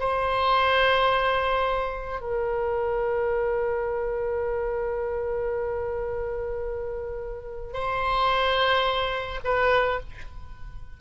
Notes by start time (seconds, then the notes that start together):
0.00 C5
2.21 A#4
7.74 C5
9.45 B4